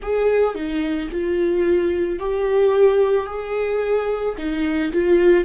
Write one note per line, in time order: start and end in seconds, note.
0.01 0.55 G#4
0.55 1.09 D#4
1.11 2.19 F4
2.19 3.26 G4
3.26 4.35 G#4
4.37 4.91 D#4
4.92 5.44 F4